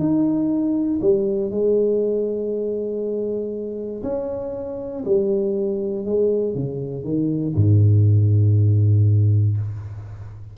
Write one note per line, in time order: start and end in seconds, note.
0.00 1.01 D#4
1.02 1.51 G3
1.51 4.03 G#3
4.03 5.04 C#4
5.06 6.06 G3
6.06 6.55 G#3
6.55 7.04 C#3
7.04 7.55 D#3
7.56 9.57 G#2